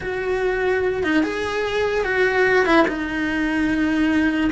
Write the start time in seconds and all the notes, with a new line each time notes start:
0.01 F#4
1.03 D#4
1.23 G#4
2.04 F#4
2.65 E4
2.87 D#4